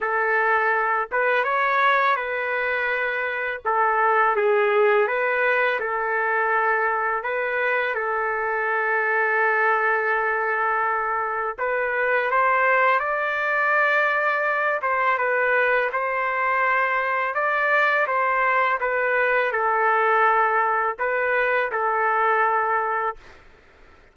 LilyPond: \new Staff \with { instrumentName = "trumpet" } { \time 4/4 \tempo 4 = 83 a'4. b'8 cis''4 b'4~ | b'4 a'4 gis'4 b'4 | a'2 b'4 a'4~ | a'1 |
b'4 c''4 d''2~ | d''8 c''8 b'4 c''2 | d''4 c''4 b'4 a'4~ | a'4 b'4 a'2 | }